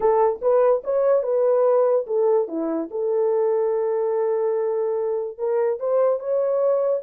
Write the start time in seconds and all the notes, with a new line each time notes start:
0.00 A4
0.41 B4
0.84 C#5
1.23 B4
2.07 A4
2.48 E4
2.90 A4
5.38 A#4
5.79 C5
6.19 C#5